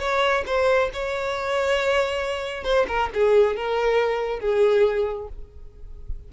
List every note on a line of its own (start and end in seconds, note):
0.00 0.44 C#5
0.47 0.91 C5
0.94 2.65 C#5
2.65 2.87 C5
2.88 3.10 A#4
3.14 3.57 G#4
3.57 4.40 A#4
4.40 5.29 G#4